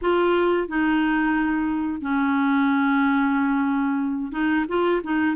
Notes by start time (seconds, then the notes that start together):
0.01 F4
0.68 D#4
2.01 C#4
4.32 D#4
4.68 F4
5.03 D#4